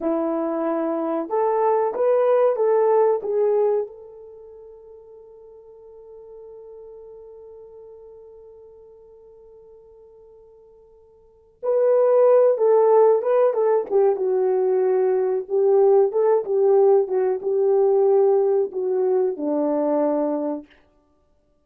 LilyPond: \new Staff \with { instrumentName = "horn" } { \time 4/4 \tempo 4 = 93 e'2 a'4 b'4 | a'4 gis'4 a'2~ | a'1~ | a'1~ |
a'2 b'4. a'8~ | a'8 b'8 a'8 g'8 fis'2 | g'4 a'8 g'4 fis'8 g'4~ | g'4 fis'4 d'2 | }